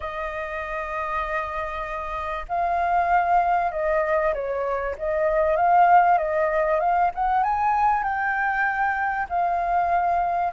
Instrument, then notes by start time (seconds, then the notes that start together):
flute
0.00 D#5
2.48 F5
3.71 D#5
4.34 C#5
4.97 D#5
5.56 F5
6.18 D#5
6.80 F5
7.14 F#5
7.43 G#5
8.03 G5
9.29 F5